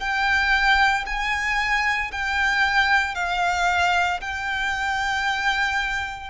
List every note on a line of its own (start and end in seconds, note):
0.00 1.05 G5
1.06 2.11 G#5
2.12 3.15 G5
3.15 4.21 F5
4.22 6.31 G5